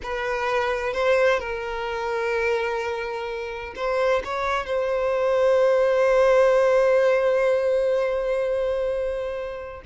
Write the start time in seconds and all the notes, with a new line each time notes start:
0.02 B4
0.93 C5
1.39 A#4
3.75 C5
4.24 C#5
4.65 C5